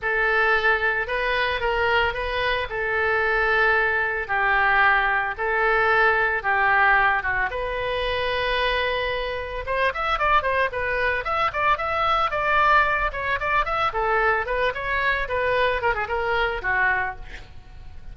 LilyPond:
\new Staff \with { instrumentName = "oboe" } { \time 4/4 \tempo 4 = 112 a'2 b'4 ais'4 | b'4 a'2. | g'2 a'2 | g'4. fis'8 b'2~ |
b'2 c''8 e''8 d''8 c''8 | b'4 e''8 d''8 e''4 d''4~ | d''8 cis''8 d''8 e''8 a'4 b'8 cis''8~ | cis''8 b'4 ais'16 gis'16 ais'4 fis'4 | }